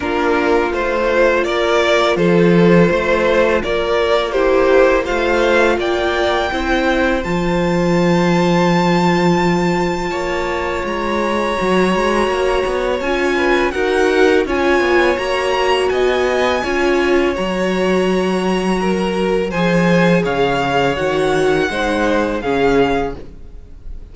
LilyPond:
<<
  \new Staff \with { instrumentName = "violin" } { \time 4/4 \tempo 4 = 83 ais'4 c''4 d''4 c''4~ | c''4 d''4 c''4 f''4 | g''2 a''2~ | a''2. ais''4~ |
ais''2 gis''4 fis''4 | gis''4 ais''4 gis''2 | ais''2. gis''4 | f''4 fis''2 f''4 | }
  \new Staff \with { instrumentName = "violin" } { \time 4/4 f'2 ais'4 a'4 | c''4 ais'4 g'4 c''4 | d''4 c''2.~ | c''2 cis''2~ |
cis''2~ cis''8 b'8 ais'4 | cis''2 dis''4 cis''4~ | cis''2 ais'4 c''4 | cis''2 c''4 gis'4 | }
  \new Staff \with { instrumentName = "viola" } { \time 4/4 d'4 f'2.~ | f'2 e'4 f'4~ | f'4 e'4 f'2~ | f'1 |
fis'2 f'4 fis'4 | f'4 fis'2 f'4 | fis'2. gis'4~ | gis'4 fis'4 dis'4 cis'4 | }
  \new Staff \with { instrumentName = "cello" } { \time 4/4 ais4 a4 ais4 f4 | a4 ais2 a4 | ais4 c'4 f2~ | f2 ais4 gis4 |
fis8 gis8 ais8 b8 cis'4 dis'4 | cis'8 b8 ais4 b4 cis'4 | fis2. f4 | cis4 dis4 gis4 cis4 | }
>>